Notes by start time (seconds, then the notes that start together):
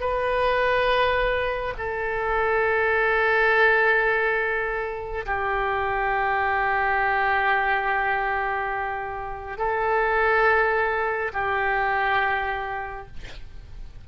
0.00 B4
1.78 A4
5.26 G4
9.58 A4
11.33 G4